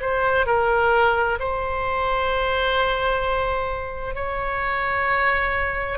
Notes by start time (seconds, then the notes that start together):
0.00 C5
0.46 A#4
1.39 C5
4.15 C#5